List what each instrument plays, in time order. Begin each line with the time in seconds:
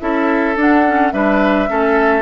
0.00 bassoon C#4, clarinet E4, oboe A4, flute E5
0.56 bassoon D4, clarinet D4, flute F#5
0.86 clarinet C#4
1.12 bassoon G3, clarinet D4, oboe B4, flute E5
1.68 bassoon A3, clarinet C#4, oboe A4